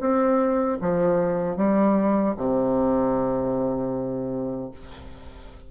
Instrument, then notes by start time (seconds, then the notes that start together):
bassoon
0.00 C4
0.81 F3
1.56 G3
2.37 C3